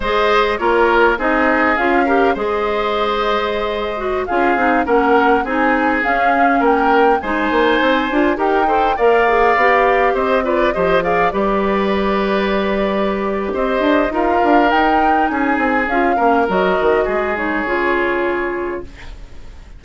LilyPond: <<
  \new Staff \with { instrumentName = "flute" } { \time 4/4 \tempo 4 = 102 dis''4 cis''4 dis''4 f''4 | dis''2.~ dis''16 f''8.~ | f''16 fis''4 gis''4 f''4 g''8.~ | g''16 gis''2 g''4 f''8.~ |
f''4~ f''16 dis''8 d''8 dis''8 f''8 d''8.~ | d''2. dis''4 | f''4 g''4 gis''4 f''4 | dis''4. cis''2~ cis''8 | }
  \new Staff \with { instrumentName = "oboe" } { \time 4/4 c''4 ais'4 gis'4. ais'8 | c''2.~ c''16 gis'8.~ | gis'16 ais'4 gis'2 ais'8.~ | ais'16 c''2 ais'8 c''8 d''8.~ |
d''4~ d''16 c''8 b'8 c''8 d''8 b'8.~ | b'2. c''4 | ais'2 gis'4. ais'8~ | ais'4 gis'2. | }
  \new Staff \with { instrumentName = "clarinet" } { \time 4/4 gis'4 f'4 dis'4 f'8 g'8 | gis'2~ gis'8. fis'8 f'8 dis'16~ | dis'16 cis'4 dis'4 cis'4.~ cis'16~ | cis'16 dis'4. f'8 g'8 a'8 ais'8 gis'16~ |
gis'16 g'4. f'8 g'8 gis'8 g'8.~ | g'1 | f'4 dis'2 f'8 cis'8 | fis'4. dis'8 f'2 | }
  \new Staff \with { instrumentName = "bassoon" } { \time 4/4 gis4 ais4 c'4 cis'4 | gis2.~ gis16 cis'8 c'16~ | c'16 ais4 c'4 cis'4 ais8.~ | ais16 gis8 ais8 c'8 d'8 dis'4 ais8.~ |
ais16 b4 c'4 f4 g8.~ | g2. c'8 d'8 | dis'8 d'8 dis'4 cis'8 c'8 cis'8 ais8 | fis8 dis8 gis4 cis2 | }
>>